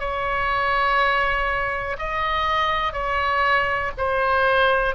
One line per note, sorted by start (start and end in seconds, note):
0.00 1.97 C#5
1.99 2.93 D#5
2.93 3.92 C#5
3.98 4.95 C5